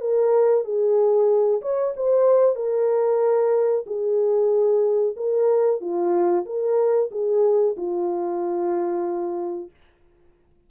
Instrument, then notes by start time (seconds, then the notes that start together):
horn
0.00 A#4
0.64 G#4
1.61 C#5
1.96 C5
2.55 A#4
3.86 G#4
5.16 A#4
5.80 F4
6.45 A#4
7.11 G#4
7.77 F4